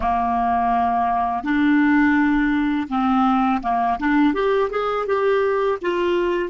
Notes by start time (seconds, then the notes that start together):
0.00 A#3
1.43 D4
2.89 C4
3.62 A#3
3.99 D4
4.34 G4
4.70 G#4
5.06 G4
5.81 F4